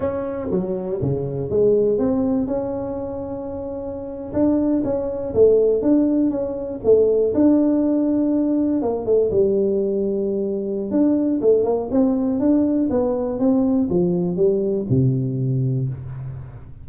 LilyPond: \new Staff \with { instrumentName = "tuba" } { \time 4/4 \tempo 4 = 121 cis'4 fis4 cis4 gis4 | c'4 cis'2.~ | cis'8. d'4 cis'4 a4 d'16~ | d'8. cis'4 a4 d'4~ d'16~ |
d'4.~ d'16 ais8 a8 g4~ g16~ | g2 d'4 a8 ais8 | c'4 d'4 b4 c'4 | f4 g4 c2 | }